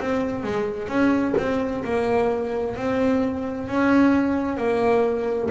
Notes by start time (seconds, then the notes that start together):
0.00 C4
0.43 G#3
0.88 C#4
1.37 C4
1.84 A#3
2.76 C4
3.67 C#4
4.57 A#3